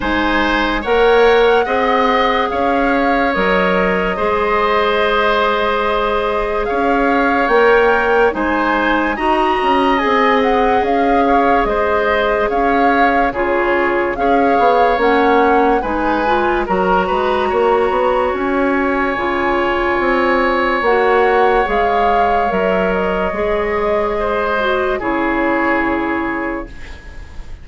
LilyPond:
<<
  \new Staff \with { instrumentName = "flute" } { \time 4/4 \tempo 4 = 72 gis''4 fis''2 f''4 | dis''1 | f''4 g''4 gis''4 ais''4 | gis''8 fis''8 f''4 dis''4 f''4 |
cis''4 f''4 fis''4 gis''4 | ais''2 gis''2~ | gis''4 fis''4 f''4 e''8 dis''8~ | dis''2 cis''2 | }
  \new Staff \with { instrumentName = "oboe" } { \time 4/4 c''4 cis''4 dis''4 cis''4~ | cis''4 c''2. | cis''2 c''4 dis''4~ | dis''4. cis''8 c''4 cis''4 |
gis'4 cis''2 b'4 | ais'8 b'8 cis''2.~ | cis''1~ | cis''4 c''4 gis'2 | }
  \new Staff \with { instrumentName = "clarinet" } { \time 4/4 dis'4 ais'4 gis'2 | ais'4 gis'2.~ | gis'4 ais'4 dis'4 fis'4 | gis'1 |
f'4 gis'4 cis'4 dis'8 f'8 | fis'2. f'4~ | f'4 fis'4 gis'4 ais'4 | gis'4. fis'8 e'2 | }
  \new Staff \with { instrumentName = "bassoon" } { \time 4/4 gis4 ais4 c'4 cis'4 | fis4 gis2. | cis'4 ais4 gis4 dis'8 cis'8 | c'4 cis'4 gis4 cis'4 |
cis4 cis'8 b8 ais4 gis4 | fis8 gis8 ais8 b8 cis'4 cis4 | c'4 ais4 gis4 fis4 | gis2 cis2 | }
>>